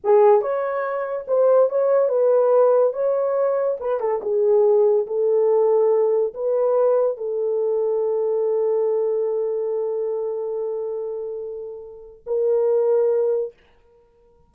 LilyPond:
\new Staff \with { instrumentName = "horn" } { \time 4/4 \tempo 4 = 142 gis'4 cis''2 c''4 | cis''4 b'2 cis''4~ | cis''4 b'8 a'8 gis'2 | a'2. b'4~ |
b'4 a'2.~ | a'1~ | a'1~ | a'4 ais'2. | }